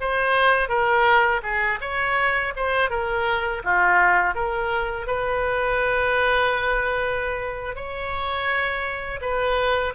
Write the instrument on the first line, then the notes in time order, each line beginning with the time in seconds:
oboe
0.00 C5
0.69 A#4
1.43 G#4
1.81 C#5
2.56 C5
2.90 A#4
3.64 F4
4.34 A#4
5.06 B4
7.75 C#5
9.21 B4